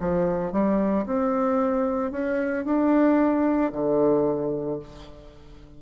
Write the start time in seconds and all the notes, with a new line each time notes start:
0.00 F3
0.52 G3
1.06 C4
2.12 C#4
2.65 D4
3.73 D3